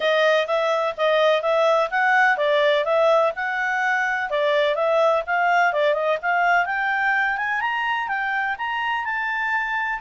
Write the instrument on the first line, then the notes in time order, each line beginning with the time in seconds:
clarinet
0.00 D#5
0.47 E5
0.97 D#5
1.42 E5
1.90 F#5
2.37 D5
2.84 E5
3.35 F#5
4.30 D5
4.75 E5
5.26 F5
5.73 D5
5.94 D#5
6.21 F5
6.65 G5
7.37 G#5
7.60 A#5
8.08 G5
8.57 A#5
9.04 A5